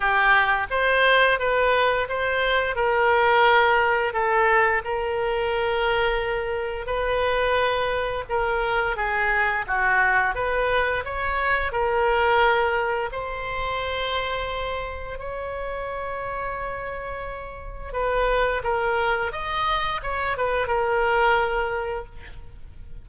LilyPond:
\new Staff \with { instrumentName = "oboe" } { \time 4/4 \tempo 4 = 87 g'4 c''4 b'4 c''4 | ais'2 a'4 ais'4~ | ais'2 b'2 | ais'4 gis'4 fis'4 b'4 |
cis''4 ais'2 c''4~ | c''2 cis''2~ | cis''2 b'4 ais'4 | dis''4 cis''8 b'8 ais'2 | }